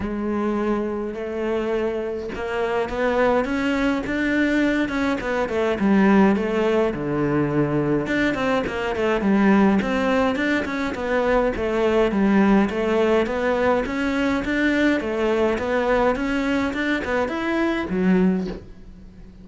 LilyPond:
\new Staff \with { instrumentName = "cello" } { \time 4/4 \tempo 4 = 104 gis2 a2 | ais4 b4 cis'4 d'4~ | d'8 cis'8 b8 a8 g4 a4 | d2 d'8 c'8 ais8 a8 |
g4 c'4 d'8 cis'8 b4 | a4 g4 a4 b4 | cis'4 d'4 a4 b4 | cis'4 d'8 b8 e'4 fis4 | }